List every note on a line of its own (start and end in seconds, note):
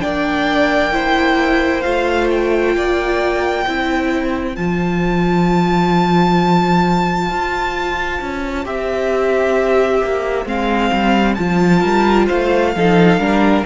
0.00 1.85 A#3
0.00 0.91 D4
0.00 0.94 D5
0.00 1.82 G5
0.92 1.83 E4
0.92 2.75 C5
1.82 2.76 A3
1.82 3.65 F4
1.82 2.27 F5
2.30 4.56 G5
2.76 3.66 A#3
2.76 3.65 D5
3.65 4.57 C4
3.65 4.56 E4
3.65 11.80 C5
4.56 7.29 F3
4.56 8.65 F4
4.56 8.65 A5
7.29 8.20 F4
8.21 8.66 C#4
8.65 10.02 C4
8.65 10.46 G4
8.65 10.48 E5
10.04 10.45 A#3
10.45 10.91 G#3
10.45 11.37 C4
10.45 11.35 F5
10.93 11.38 G3
11.35 11.84 F3
11.35 12.75 F4
11.35 12.26 A5
11.80 12.29 G3
11.80 12.26 A#4
12.26 12.76 A3
12.26 12.72 C5
12.26 13.65 F5
12.76 13.18 F3
12.76 13.20 D#4
12.76 13.20 A4
13.18 13.64 G3
13.18 13.65 D4
13.18 13.66 A#4